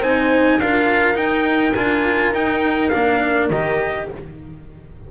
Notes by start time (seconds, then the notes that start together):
0.00 C4 D#4 C5 G#5
0.60 D4 F4 A#4 F5
1.15 D#4 G5
1.75 D4 F4 G#5
2.33 D#4 G5
2.90 A#3 D4 F5
3.50 D#3 G4 D#5